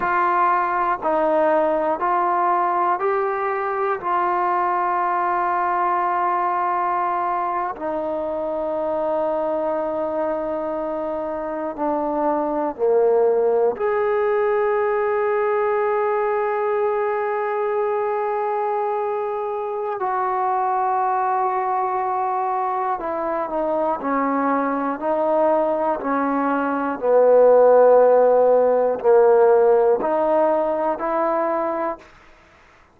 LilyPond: \new Staff \with { instrumentName = "trombone" } { \time 4/4 \tempo 4 = 60 f'4 dis'4 f'4 g'4 | f'2.~ f'8. dis'16~ | dis'2.~ dis'8. d'16~ | d'8. ais4 gis'2~ gis'16~ |
gis'1 | fis'2. e'8 dis'8 | cis'4 dis'4 cis'4 b4~ | b4 ais4 dis'4 e'4 | }